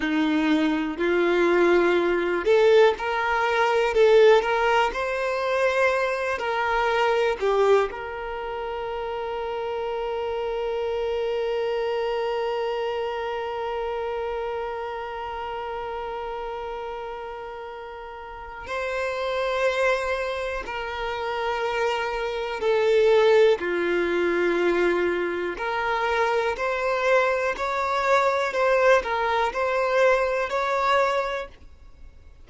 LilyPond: \new Staff \with { instrumentName = "violin" } { \time 4/4 \tempo 4 = 61 dis'4 f'4. a'8 ais'4 | a'8 ais'8 c''4. ais'4 g'8 | ais'1~ | ais'1~ |
ais'2. c''4~ | c''4 ais'2 a'4 | f'2 ais'4 c''4 | cis''4 c''8 ais'8 c''4 cis''4 | }